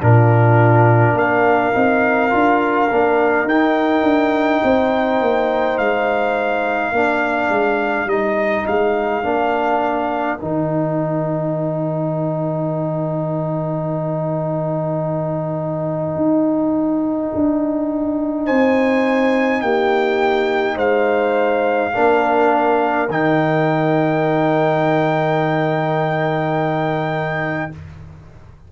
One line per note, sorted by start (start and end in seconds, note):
0.00 1.13 A#2
0.00 1.73 D4
0.00 1.16 F4
0.00 1.18 A#4
1.13 1.71 A#3
1.13 4.62 A#4
1.13 3.48 F5
1.73 2.33 C4
1.73 2.30 D#4
2.30 2.91 D4
2.30 2.87 F4
2.91 3.44 A#3
2.91 3.49 D4
3.44 4.02 D#4
3.44 6.94 D#4
3.44 5.78 G5
4.03 4.60 D4
4.63 5.21 C4
4.63 6.93 C5
5.21 5.79 A#3
5.78 6.92 G#3
5.78 8.08 F5
6.92 7.50 A#3
6.92 8.07 D4
6.92 18.46 A#4
7.50 8.06 G#3
8.06 8.63 G3
8.06 9.23 D#4
8.06 8.66 D#5
8.66 9.24 G#3
8.66 10.39 F5
9.23 10.39 A#3
9.23 10.38 D4
10.39 16.16 D#3
10.39 21.93 D#4
10.39 18.46 G5
16.16 17.31 D#4
17.35 18.50 D4
18.46 19.62 C4
18.46 19.61 C5
18.46 19.61 G#5
19.61 20.76 A#3
19.61 20.75 G4
19.61 20.77 G5
20.75 21.92 G#3
20.75 21.91 C5
20.75 23.09 F5
21.93 23.08 A#3
21.93 23.08 D4
21.93 27.71 A#4
23.08 27.70 D#3
23.08 27.71 D#4
23.08 27.72 G5